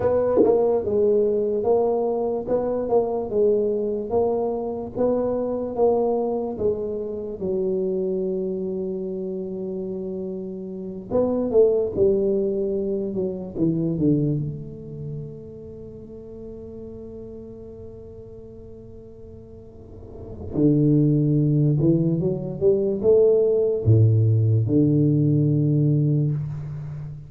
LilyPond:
\new Staff \with { instrumentName = "tuba" } { \time 4/4 \tempo 4 = 73 b8 ais8 gis4 ais4 b8 ais8 | gis4 ais4 b4 ais4 | gis4 fis2.~ | fis4. b8 a8 g4. |
fis8 e8 d8 a2~ a8~ | a1~ | a4 d4. e8 fis8 g8 | a4 a,4 d2 | }